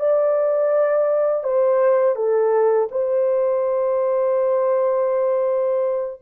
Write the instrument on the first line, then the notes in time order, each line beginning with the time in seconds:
horn
0.00 D5
1.44 C5
2.16 A4
2.92 C5